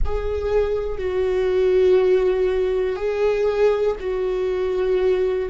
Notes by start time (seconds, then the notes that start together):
0.05 G#4
0.97 F#4
2.95 G#4
4.00 F#4